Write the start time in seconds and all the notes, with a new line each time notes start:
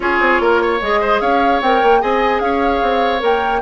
0.00 C#4 F4 G#4 C#5
0.19 C4
0.40 A#3 A#4
0.62 C#5
0.81 G#3 G#4 D#5
1.01 C5
1.20 C#4 C#5 F5
1.61 C4 A#4 G5
1.83 A#3
2.00 C4 G#4 D#5 G#5
2.40 C#4 C#5 F5
2.82 C4
3.19 A#3 A#4 G5